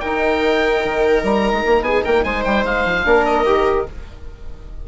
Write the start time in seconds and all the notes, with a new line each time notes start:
0.00 D#4 A#4 G5
0.85 D#3
1.23 G3 A#5
1.53 G#3
1.66 A#3
1.82 B3 G#4 G#5
2.04 A#3 A#4 G5
2.24 G#3 C5 G#5
2.45 G3 G5
2.65 G#3 F5
2.85 F3
3.05 A#3 D4 A#4
3.26 D#5
3.46 D#3 G4